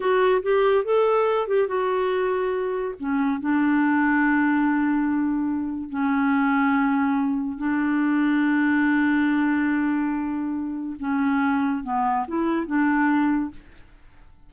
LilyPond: \new Staff \with { instrumentName = "clarinet" } { \time 4/4 \tempo 4 = 142 fis'4 g'4 a'4. g'8 | fis'2. cis'4 | d'1~ | d'2 cis'2~ |
cis'2 d'2~ | d'1~ | d'2 cis'2 | b4 e'4 d'2 | }